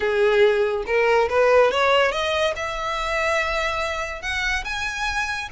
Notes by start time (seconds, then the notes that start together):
0.00 G#4
0.86 A#4
1.29 B4
1.71 C#5
2.11 D#5
2.56 E5
4.22 F#5
4.64 G#5